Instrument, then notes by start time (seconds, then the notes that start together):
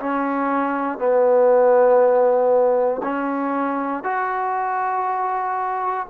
trombone
0.00 C#4
0.98 B3
3.04 C#4
4.04 F#4